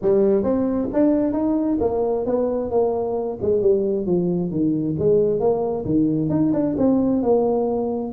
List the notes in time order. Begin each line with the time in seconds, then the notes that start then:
0.01 G3
0.43 C4
0.93 D4
1.32 D#4
1.80 A#3
2.25 B3
2.70 A#3
3.41 G#3
3.61 G3
4.06 F3
4.50 D#3
4.98 G#3
5.40 A#3
5.85 D#3
6.29 D#4
6.53 D4
6.77 C4
7.22 A#3